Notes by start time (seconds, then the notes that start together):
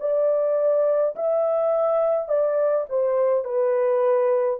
0.00 D5
1.15 E5
2.28 D5
2.89 C5
3.45 B4